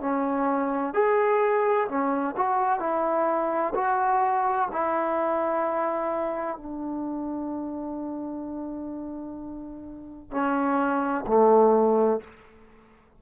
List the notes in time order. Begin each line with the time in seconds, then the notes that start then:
0.00 C#4
0.94 G#4
1.88 C#4
2.37 F#4
2.79 E4
3.75 F#4
4.72 E4
6.57 D4
10.31 C#4
11.27 A3